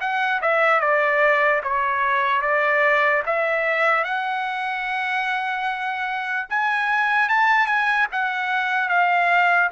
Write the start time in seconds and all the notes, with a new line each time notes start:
0.00 F#5
0.41 E5
0.80 D5
1.63 C#5
2.41 D5
3.26 E5
4.04 F#5
6.49 G#5
7.29 A5
7.66 G#5
8.12 F#5
8.89 F5